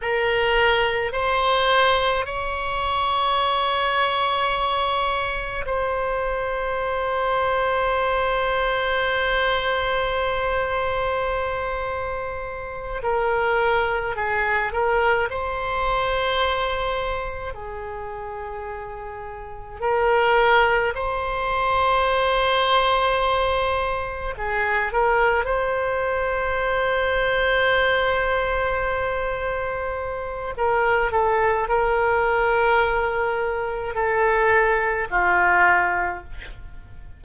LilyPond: \new Staff \with { instrumentName = "oboe" } { \time 4/4 \tempo 4 = 53 ais'4 c''4 cis''2~ | cis''4 c''2.~ | c''2.~ c''8 ais'8~ | ais'8 gis'8 ais'8 c''2 gis'8~ |
gis'4. ais'4 c''4.~ | c''4. gis'8 ais'8 c''4.~ | c''2. ais'8 a'8 | ais'2 a'4 f'4 | }